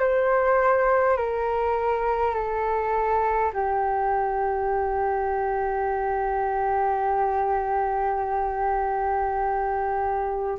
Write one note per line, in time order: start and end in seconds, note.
0.00 1.18 C5
1.18 2.35 A#4
2.35 3.52 A4
3.53 10.59 G4